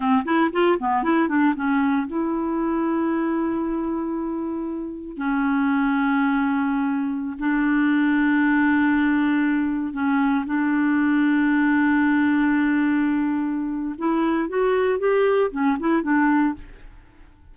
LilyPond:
\new Staff \with { instrumentName = "clarinet" } { \time 4/4 \tempo 4 = 116 c'8 e'8 f'8 b8 e'8 d'8 cis'4 | e'1~ | e'2 cis'2~ | cis'2~ cis'16 d'4.~ d'16~ |
d'2.~ d'16 cis'8.~ | cis'16 d'2.~ d'8.~ | d'2. e'4 | fis'4 g'4 cis'8 e'8 d'4 | }